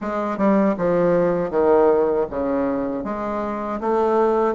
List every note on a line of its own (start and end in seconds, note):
0.01 0.37 G#3
0.37 0.75 G3
0.77 1.50 F3
1.50 2.26 D#3
2.30 3.04 C#3
3.04 3.80 G#3
3.80 4.55 A3